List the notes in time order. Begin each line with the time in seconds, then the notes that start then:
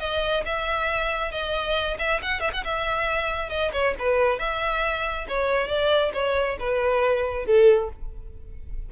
0.00 D#5
0.46 E5
1.32 D#5
1.99 E5
2.23 F#5
2.40 E5
2.53 F#5
2.65 E5
3.50 D#5
3.73 C#5
3.99 B4
4.39 E5
5.29 C#5
5.68 D5
6.14 C#5
6.60 B4
7.46 A4